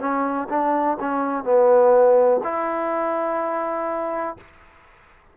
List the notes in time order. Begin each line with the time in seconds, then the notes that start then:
0.00 C#4
0.49 D4
1.00 C#4
1.44 B3
2.44 E4